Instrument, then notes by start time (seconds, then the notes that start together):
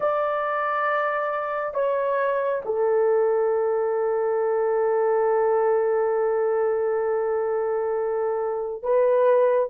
horn
0.00 D5
1.74 C#5
2.65 A4
8.82 B4